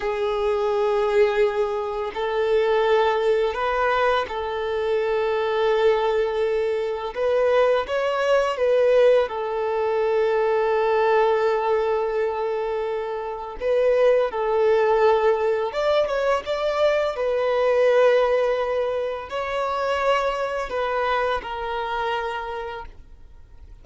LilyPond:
\new Staff \with { instrumentName = "violin" } { \time 4/4 \tempo 4 = 84 gis'2. a'4~ | a'4 b'4 a'2~ | a'2 b'4 cis''4 | b'4 a'2.~ |
a'2. b'4 | a'2 d''8 cis''8 d''4 | b'2. cis''4~ | cis''4 b'4 ais'2 | }